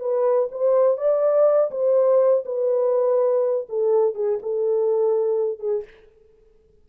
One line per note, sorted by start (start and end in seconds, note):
0.00 0.49 B4
0.52 0.98 C5
0.98 1.71 D5
1.71 2.45 C5
2.45 3.67 B4
3.69 4.15 A4
4.15 4.39 G#4
4.43 5.60 A4
5.60 5.84 G#4